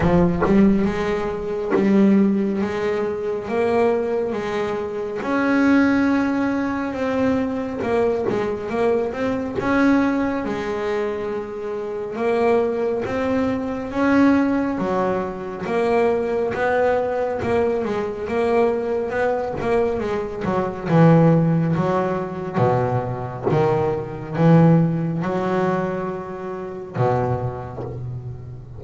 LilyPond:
\new Staff \with { instrumentName = "double bass" } { \time 4/4 \tempo 4 = 69 f8 g8 gis4 g4 gis4 | ais4 gis4 cis'2 | c'4 ais8 gis8 ais8 c'8 cis'4 | gis2 ais4 c'4 |
cis'4 fis4 ais4 b4 | ais8 gis8 ais4 b8 ais8 gis8 fis8 | e4 fis4 b,4 dis4 | e4 fis2 b,4 | }